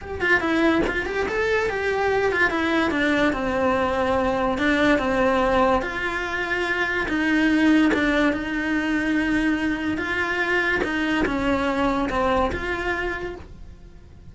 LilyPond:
\new Staff \with { instrumentName = "cello" } { \time 4/4 \tempo 4 = 144 g'8 f'8 e'4 f'8 g'8 a'4 | g'4. f'8 e'4 d'4 | c'2. d'4 | c'2 f'2~ |
f'4 dis'2 d'4 | dis'1 | f'2 dis'4 cis'4~ | cis'4 c'4 f'2 | }